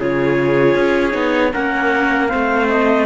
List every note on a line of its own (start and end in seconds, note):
0.00 0.75 C#3
0.00 1.11 F4
0.00 1.53 G#4
0.00 1.54 C#5
0.75 1.14 C#4
1.11 1.52 B3
1.11 1.50 D#4
1.53 2.33 A#3
1.53 2.29 C#4
1.53 2.30 A#4
1.53 2.27 F#5
2.27 3.06 C4
2.27 3.06 C5
2.27 2.66 F5
2.34 3.06 A3
2.69 3.06 D#5